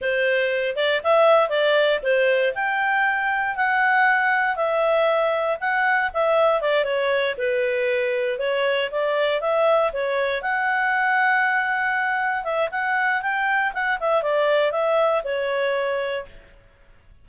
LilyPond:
\new Staff \with { instrumentName = "clarinet" } { \time 4/4 \tempo 4 = 118 c''4. d''8 e''4 d''4 | c''4 g''2 fis''4~ | fis''4 e''2 fis''4 | e''4 d''8 cis''4 b'4.~ |
b'8 cis''4 d''4 e''4 cis''8~ | cis''8 fis''2.~ fis''8~ | fis''8 e''8 fis''4 g''4 fis''8 e''8 | d''4 e''4 cis''2 | }